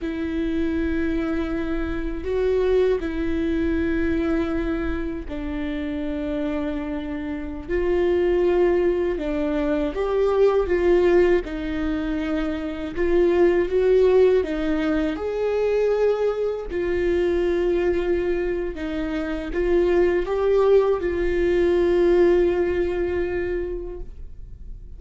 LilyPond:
\new Staff \with { instrumentName = "viola" } { \time 4/4 \tempo 4 = 80 e'2. fis'4 | e'2. d'4~ | d'2~ d'16 f'4.~ f'16~ | f'16 d'4 g'4 f'4 dis'8.~ |
dis'4~ dis'16 f'4 fis'4 dis'8.~ | dis'16 gis'2 f'4.~ f'16~ | f'4 dis'4 f'4 g'4 | f'1 | }